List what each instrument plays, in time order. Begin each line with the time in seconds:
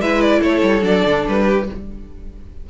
0.00 cello G#3, viola E4, violin B4 E5
0.22 violin D5
0.41 cello A3, violin A4 C#5
0.63 cello G3
0.82 cello F#3, viola D4, violin D5
1.05 cello D3
1.28 cello G3, violin B4
1.46 violin G4